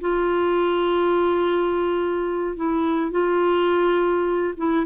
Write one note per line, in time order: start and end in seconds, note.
0.00 2.56 F4
2.56 3.11 E4
3.11 4.54 F4
4.57 4.86 E4